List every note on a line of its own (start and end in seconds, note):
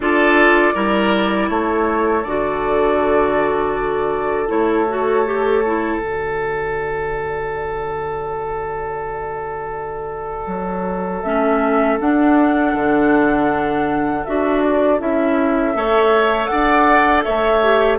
0.00 0.73 D4
0.00 0.74 F4
0.00 0.74 A4
0.00 1.49 D5
0.74 1.49 G3
0.74 2.24 E4
0.74 1.49 A#4
1.49 2.24 A3
1.49 15.75 A4
1.49 2.23 C#5
2.23 4.49 D3
2.23 4.48 F#4
2.23 4.48 D5
4.48 5.99 A3
4.48 4.85 E4
4.48 5.99 C#5
4.88 5.25 F#4
5.25 5.63 G4
5.66 6.01 E4
5.99 10.46 D3
5.99 11.24 F#4
5.99 11.22 D5
10.46 11.21 F#3
11.22 11.99 A3
11.22 11.99 C#4
11.22 11.97 E5
12.00 14.25 D4
12.00 12.74 D4
12.00 14.25 F#5
12.74 14.24 D3
14.25 15.00 D4
14.25 14.98 F#4
14.25 14.62 E5
14.63 15.00 D5
14.98 15.74 C#4
14.98 15.73 E4
14.98 16.46 E5
15.74 16.49 A3
15.74 17.61 A4
15.74 16.50 C#5
16.46 17.25 D4
16.46 17.24 D5
16.46 17.21 F#5
17.23 17.98 A3
17.23 17.98 C#5
17.23 17.98 E5
17.63 17.98 G4